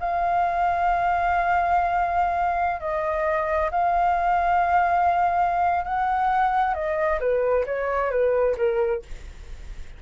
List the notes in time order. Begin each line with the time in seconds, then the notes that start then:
0.00 F5
2.80 D#5
3.71 F5
5.84 F#5
6.74 D#5
7.20 B4
7.66 C#5
8.11 B4
8.57 A#4